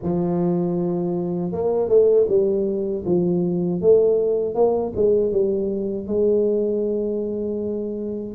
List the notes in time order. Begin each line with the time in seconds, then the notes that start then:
0.02 F3
1.52 A#3
1.88 A3
2.28 G3
3.05 F3
3.81 A3
4.55 A#3
4.95 G#3
5.32 G3
6.07 G#3